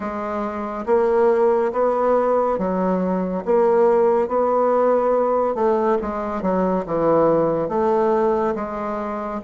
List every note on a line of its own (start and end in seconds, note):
0.00 0.85 G#3
0.86 1.71 A#3
1.72 2.58 B3
2.58 3.44 F#3
3.45 4.28 A#3
4.28 5.54 B3
5.54 5.97 A3
6.01 6.41 G#3
6.41 6.84 F#3
6.86 7.68 E3
7.68 8.54 A3
8.55 9.41 G#3